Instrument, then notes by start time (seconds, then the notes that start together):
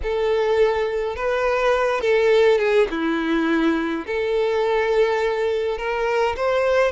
violin
0.02 A4
1.16 B4
2.01 A4
2.58 G#4
2.90 E4
4.06 A4
5.77 A#4
6.36 C5